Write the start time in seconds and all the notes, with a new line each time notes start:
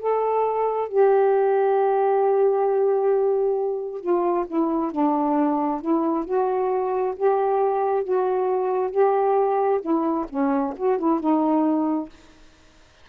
0.00 A4
0.89 G4
4.01 F4
4.47 E4
4.92 D4
5.82 E4
6.25 F#4
7.16 G4
8.04 F#4
8.91 G4
9.81 E4
10.29 C#4
10.77 F#4
10.99 E4
11.20 D#4